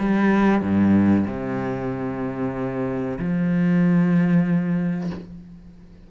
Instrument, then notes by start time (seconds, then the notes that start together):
cello
0.00 G3
0.62 G2
1.27 C3
3.19 F3